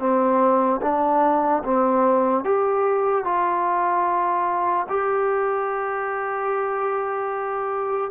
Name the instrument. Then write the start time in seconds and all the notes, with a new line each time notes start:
trombone
0.00 C4
0.82 D4
1.65 C4
2.44 G4
3.25 F4
4.89 G4